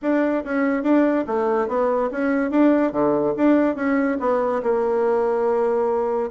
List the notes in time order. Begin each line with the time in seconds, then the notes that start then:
0.02 D4
0.44 C#4
0.83 D4
1.26 A3
1.68 B3
2.11 C#4
2.50 D4
2.92 D3
3.36 D4
3.75 C#4
4.20 B3
4.62 A#3